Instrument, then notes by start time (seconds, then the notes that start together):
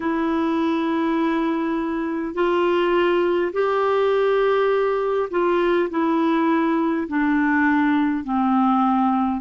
clarinet
0.00 E4
2.34 F4
3.52 G4
5.30 F4
5.90 E4
7.07 D4
8.24 C4